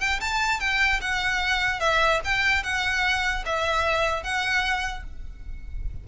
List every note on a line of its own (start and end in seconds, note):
0.00 0.20 G5
0.20 0.60 A5
0.60 1.00 G5
1.01 1.80 F#5
1.80 2.20 E5
2.24 2.63 G5
2.63 3.44 F#5
3.45 4.23 E5
4.23 5.04 F#5